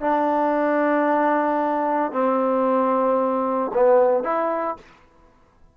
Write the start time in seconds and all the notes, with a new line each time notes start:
0.00 D4
2.11 C4
3.73 B3
4.23 E4